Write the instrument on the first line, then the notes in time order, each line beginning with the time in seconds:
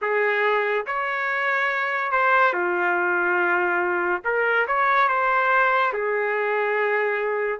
trumpet
0.01 G#4
0.86 C#5
2.11 C5
2.53 F4
4.24 A#4
4.67 C#5
5.08 C5
5.93 G#4